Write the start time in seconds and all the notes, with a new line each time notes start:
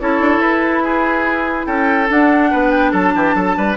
0.00 C#4 E4 A4 C#5
0.21 D4
0.38 E4 B4
0.83 G#4
1.66 C#4 A4 G5
2.09 D4 F#5
2.51 B3 B4
2.71 G5
2.91 F#3 A4 A5
3.15 E3 G4
3.35 F#3 A4
3.57 G3 B4